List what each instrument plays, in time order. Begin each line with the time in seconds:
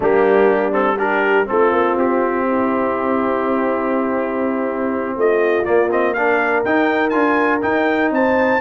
0.00 tuba G3, trombone A#3, horn D4, trumpet G4
0.71 trombone C4, trumpet A4
0.97 trombone D4, horn G4, trumpet A#4
1.45 tuba A3, trombone C4, horn F4, trumpet A4
1.71 tuba A#3
1.97 tuba C4, trumpet G4
2.47 horn E4
5.16 tuba A3, horn F4, trumpet D#5
5.64 trombone A#3, tuba A#3, trumpet D5
5.91 trombone C4, trumpet D#5
6.13 trombone D4, horn A#4, trumpet F5
6.64 tuba D#4, trombone D#4, trumpet G5
7.09 tuba D4, trombone F4, trumpet G#5
7.61 trombone D#4, tuba D#4, trumpet G5
8.10 tuba C4, horn C5, trumpet A5